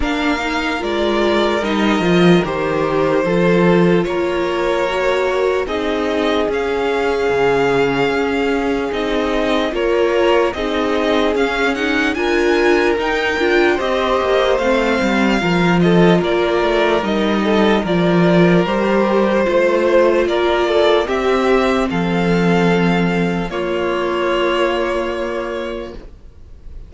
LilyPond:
<<
  \new Staff \with { instrumentName = "violin" } { \time 4/4 \tempo 4 = 74 f''4 d''4 dis''4 c''4~ | c''4 cis''2 dis''4 | f''2. dis''4 | cis''4 dis''4 f''8 fis''8 gis''4 |
g''4 dis''4 f''4. dis''8 | d''4 dis''4 d''4 c''4~ | c''4 d''4 e''4 f''4~ | f''4 cis''2. | }
  \new Staff \with { instrumentName = "violin" } { \time 4/4 ais'1 | a'4 ais'2 gis'4~ | gis'1 | ais'4 gis'2 ais'4~ |
ais'4 c''2 ais'8 a'8 | ais'4. a'8 ais'2 | c''4 ais'8 a'8 g'4 a'4~ | a'4 f'2. | }
  \new Staff \with { instrumentName = "viola" } { \time 4/4 d'8 dis'8 f'4 dis'8 f'8 g'4 | f'2 fis'4 dis'4 | cis'2. dis'4 | f'4 dis'4 cis'8 dis'8 f'4 |
dis'8 f'8 g'4 c'4 f'4~ | f'4 dis'4 f'4 g'4 | f'2 c'2~ | c'4 ais2. | }
  \new Staff \with { instrumentName = "cello" } { \time 4/4 ais4 gis4 g8 f8 dis4 | f4 ais2 c'4 | cis'4 cis4 cis'4 c'4 | ais4 c'4 cis'4 d'4 |
dis'8 d'8 c'8 ais8 a8 g8 f4 | ais8 a8 g4 f4 g4 | a4 ais4 c'4 f4~ | f4 ais2. | }
>>